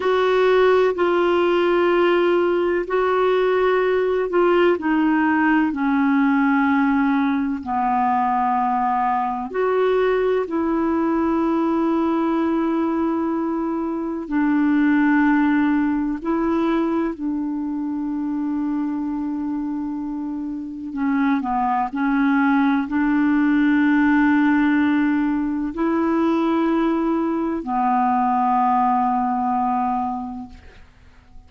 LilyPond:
\new Staff \with { instrumentName = "clarinet" } { \time 4/4 \tempo 4 = 63 fis'4 f'2 fis'4~ | fis'8 f'8 dis'4 cis'2 | b2 fis'4 e'4~ | e'2. d'4~ |
d'4 e'4 d'2~ | d'2 cis'8 b8 cis'4 | d'2. e'4~ | e'4 b2. | }